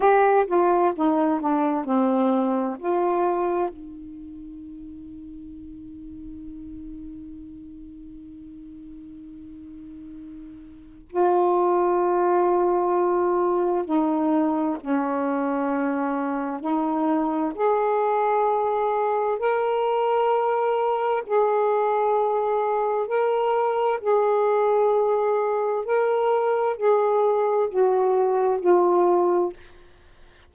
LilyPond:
\new Staff \with { instrumentName = "saxophone" } { \time 4/4 \tempo 4 = 65 g'8 f'8 dis'8 d'8 c'4 f'4 | dis'1~ | dis'1 | f'2. dis'4 |
cis'2 dis'4 gis'4~ | gis'4 ais'2 gis'4~ | gis'4 ais'4 gis'2 | ais'4 gis'4 fis'4 f'4 | }